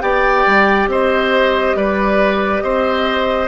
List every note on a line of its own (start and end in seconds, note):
0.00 0.45 B3
0.00 3.48 G4
0.00 0.89 D5
0.00 0.87 G5
0.46 0.87 G3
0.87 1.74 C4
0.87 1.76 C5
0.87 1.76 D#5
1.75 2.62 G3
1.75 2.63 B4
1.75 2.61 D5
2.61 3.48 C4
2.61 3.48 C5
2.61 3.47 D#5